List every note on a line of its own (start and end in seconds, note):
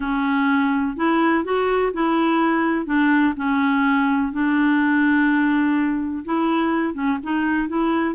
0.00 0.96 C#4
0.96 1.44 E4
1.44 1.92 F#4
1.93 2.86 E4
2.86 3.34 D4
3.36 4.32 C#4
4.32 6.24 D4
6.24 6.94 E4
6.94 7.18 C#4
7.23 7.68 D#4
7.68 8.14 E4